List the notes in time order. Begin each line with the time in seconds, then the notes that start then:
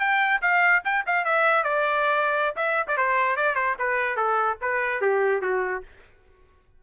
0.00 G5
0.42 F5
0.85 G5
1.07 F5
1.25 E5
1.64 D5
2.56 E5
2.88 D5
2.97 C5
3.37 D5
3.56 C5
3.79 B4
4.17 A4
4.61 B4
5.02 G4
5.42 F#4